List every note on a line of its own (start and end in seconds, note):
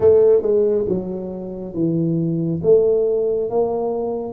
0.00 0.42 A3
0.42 0.85 G#3
0.88 1.74 F#3
1.74 2.60 E3
2.62 3.49 A3
3.49 4.32 A#3